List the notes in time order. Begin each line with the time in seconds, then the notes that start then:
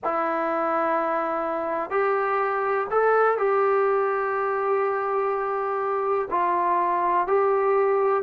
0.04 E4
1.90 G4
2.90 A4
3.38 G4
6.30 F4
7.27 G4